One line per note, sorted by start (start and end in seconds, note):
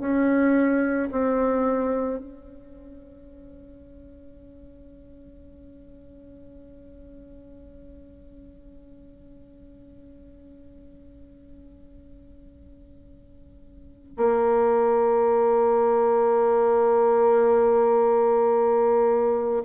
0.00 1.09 C#4
1.12 2.19 C4
2.19 14.17 C#4
14.17 19.63 A#3